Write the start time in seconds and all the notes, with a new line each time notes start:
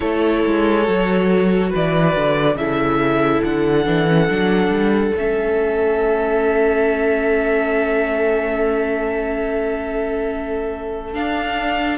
0.00 A3 E4 A4 C#5
0.45 G#3
0.83 F#3 F#4
1.69 E3 B4 D5
2.16 D3
2.55 C#3 E4 A4 E5
3.44 D3 F#5
3.85 E3 D4
4.07 C#4
4.28 F#3 D4
4.69 G3
5.16 A3 C#4 E5
11.13 D4 F5